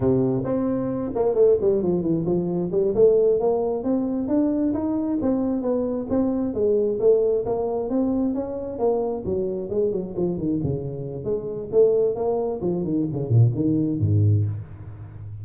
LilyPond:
\new Staff \with { instrumentName = "tuba" } { \time 4/4 \tempo 4 = 133 c4 c'4. ais8 a8 g8 | f8 e8 f4 g8 a4 ais8~ | ais8 c'4 d'4 dis'4 c'8~ | c'8 b4 c'4 gis4 a8~ |
a8 ais4 c'4 cis'4 ais8~ | ais8 fis4 gis8 fis8 f8 dis8 cis8~ | cis4 gis4 a4 ais4 | f8 dis8 cis8 ais,8 dis4 gis,4 | }